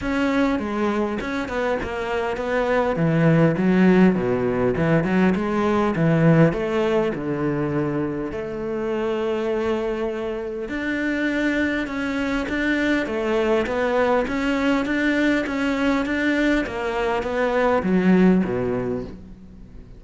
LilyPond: \new Staff \with { instrumentName = "cello" } { \time 4/4 \tempo 4 = 101 cis'4 gis4 cis'8 b8 ais4 | b4 e4 fis4 b,4 | e8 fis8 gis4 e4 a4 | d2 a2~ |
a2 d'2 | cis'4 d'4 a4 b4 | cis'4 d'4 cis'4 d'4 | ais4 b4 fis4 b,4 | }